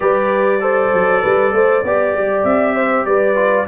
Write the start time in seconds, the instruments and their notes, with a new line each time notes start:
0.00 tuba G3, trombone G4, horn B4, trumpet D5
0.60 trombone A4, horn C5
0.93 tuba F#3
1.22 tuba G3, horn B4
1.52 tuba A3, horn C5
1.83 tuba B3, trombone G4, horn D5
2.14 tuba G3
2.43 tuba C4, trumpet E5
2.75 horn C5
3.05 tuba G3, horn B4, trumpet D5
3.34 trombone F4